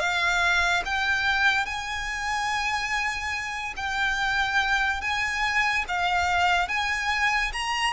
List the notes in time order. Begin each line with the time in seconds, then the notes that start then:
0.00 F5
0.86 G5
1.66 G#5
3.77 G5
5.02 G#5
5.89 F5
6.69 G#5
7.53 A#5